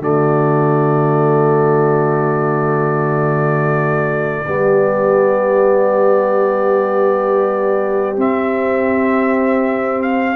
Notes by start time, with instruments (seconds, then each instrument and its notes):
0.00 tuba D3, trombone A3, horn F#4, trumpet D5
4.47 tuba G3, trombone B3, horn G4
8.17 trombone C4, tuba C4, trumpet E5
10.02 trumpet F5